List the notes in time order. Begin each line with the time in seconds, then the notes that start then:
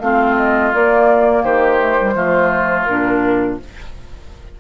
0.00 A3 C4 F4 F5
0.37 D#5
0.73 A#3 D5
1.43 D#3 G4 C5
1.79 A3
1.99 G3
2.15 F3 A3 F4
2.84 A#2 D4 A#4